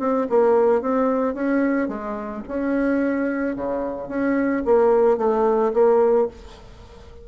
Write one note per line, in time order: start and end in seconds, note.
0.00 0.27 C4
0.30 0.82 A#3
0.82 1.34 C4
1.34 1.89 C#4
1.89 2.43 G#3
2.48 3.56 C#4
3.56 4.09 C#3
4.09 4.63 C#4
4.65 5.18 A#3
5.18 5.72 A3
5.74 6.28 A#3